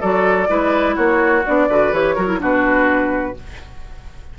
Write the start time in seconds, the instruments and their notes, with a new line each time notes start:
0.00 bassoon F#3, clarinet F#4, oboe A4, flute D5
0.48 bassoon G#3, clarinet E4, oboe B4
0.95 bassoon A#3, oboe F#4, flute C#5
1.46 bassoon B3, clarinet D4, flute D5
1.68 bassoon D3, clarinet F#4, oboe B4
1.93 bassoon E3, clarinet G4, flute C#5
2.15 bassoon F#3, clarinet F#4, oboe A#4
2.27 clarinet E4
2.39 bassoon B2, clarinet D4, oboe F#4, flute B4